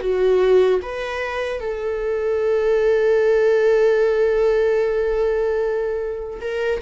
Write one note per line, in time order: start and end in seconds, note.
0.00 0.80 F#4
0.82 1.60 B4
1.60 6.40 A4
6.41 6.81 A#4